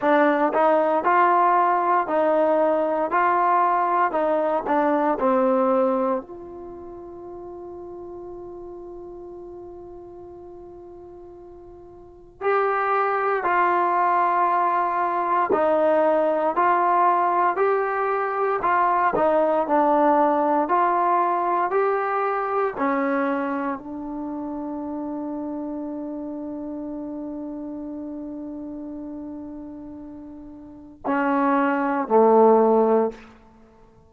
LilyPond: \new Staff \with { instrumentName = "trombone" } { \time 4/4 \tempo 4 = 58 d'8 dis'8 f'4 dis'4 f'4 | dis'8 d'8 c'4 f'2~ | f'1 | g'4 f'2 dis'4 |
f'4 g'4 f'8 dis'8 d'4 | f'4 g'4 cis'4 d'4~ | d'1~ | d'2 cis'4 a4 | }